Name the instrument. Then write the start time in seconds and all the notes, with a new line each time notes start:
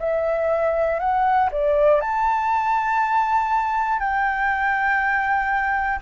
flute
0.00 E5
1.00 F#5
1.52 D5
2.01 A5
4.00 G5